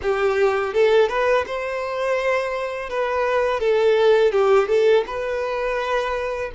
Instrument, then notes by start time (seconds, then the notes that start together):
violin
0.02 G4
0.73 A4
1.08 B4
1.46 C5
2.89 B4
3.59 A4
4.32 G4
4.68 A4
5.06 B4